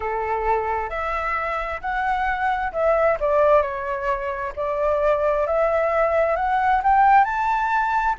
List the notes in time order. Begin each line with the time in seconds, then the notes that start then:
0.00 A4
0.89 E5
1.81 F#5
2.72 E5
3.19 D5
3.62 C#5
4.56 D5
5.46 E5
6.36 F#5
6.83 G5
7.24 A5